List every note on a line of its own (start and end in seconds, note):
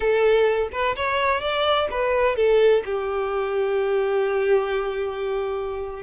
0.00 0.69 A4
0.72 0.95 B4
0.96 1.40 C#5
1.40 1.88 D5
1.90 2.36 B4
2.36 2.83 A4
2.85 6.02 G4